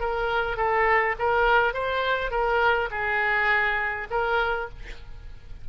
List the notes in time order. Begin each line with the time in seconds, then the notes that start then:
0.00 A#4
0.57 A4
1.19 A#4
1.74 C5
2.31 A#4
2.91 G#4
4.11 A#4